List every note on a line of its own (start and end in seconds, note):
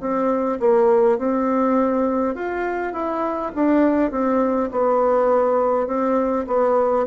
0.00 0.59 C4
0.60 1.18 A#3
1.18 2.35 C4
2.35 2.93 F4
2.93 3.52 E4
3.55 4.11 D4
4.11 4.70 C4
4.71 5.87 B3
5.87 6.45 C4
6.47 7.06 B3